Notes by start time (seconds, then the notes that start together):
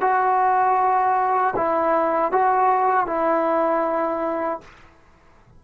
0.00 F#4
1.56 E4
2.31 F#4
3.06 E4